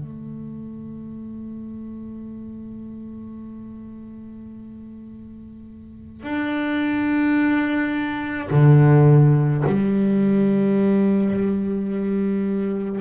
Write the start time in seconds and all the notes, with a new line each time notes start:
0.00 A3
6.23 D4
8.51 D3
9.66 G3